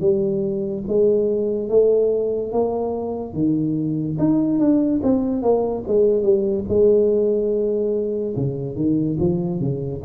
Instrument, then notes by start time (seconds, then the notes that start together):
tuba
0.00 G3
0.88 G#3
1.69 A3
2.52 A#3
3.34 D#3
4.19 D#4
4.59 D4
5.03 C4
5.42 A#3
5.87 G#3
6.23 G3
6.69 G#3
8.36 C#3
8.76 D#3
9.19 F3
9.60 C#3